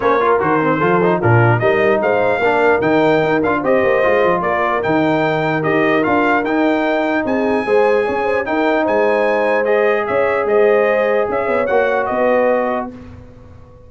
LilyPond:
<<
  \new Staff \with { instrumentName = "trumpet" } { \time 4/4 \tempo 4 = 149 cis''4 c''2 ais'4 | dis''4 f''2 g''4~ | g''8 f''8 dis''2 d''4 | g''2 dis''4 f''4 |
g''2 gis''2~ | gis''4 g''4 gis''2 | dis''4 e''4 dis''2 | e''4 fis''4 dis''2 | }
  \new Staff \with { instrumentName = "horn" } { \time 4/4 c''8 ais'4. a'4 f'4 | ais'4 c''4 ais'2~ | ais'4 c''2 ais'4~ | ais'1~ |
ais'2 gis'4 c''4 | cis''8 c''8 ais'4 c''2~ | c''4 cis''4 c''2 | cis''2 b'2 | }
  \new Staff \with { instrumentName = "trombone" } { \time 4/4 cis'8 f'8 fis'8 c'8 f'8 dis'8 d'4 | dis'2 d'4 dis'4~ | dis'8 f'8 g'4 f'2 | dis'2 g'4 f'4 |
dis'2. gis'4~ | gis'4 dis'2. | gis'1~ | gis'4 fis'2. | }
  \new Staff \with { instrumentName = "tuba" } { \time 4/4 ais4 dis4 f4 ais,4 | g4 gis4 ais4 dis4 | dis'8 d'8 c'8 ais8 gis8 f8 ais4 | dis2 dis'4 d'4 |
dis'2 c'4 gis4 | cis'4 dis'4 gis2~ | gis4 cis'4 gis2 | cis'8 b8 ais4 b2 | }
>>